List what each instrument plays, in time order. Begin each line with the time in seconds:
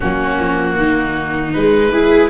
0.00 tuba F#3, viola A#3 C#4, oboe F#4
0.40 tuba F3
0.76 tuba D#3, viola D#4
1.53 tuba G#3, viola G#3, oboe B4
1.92 viola E4 G#4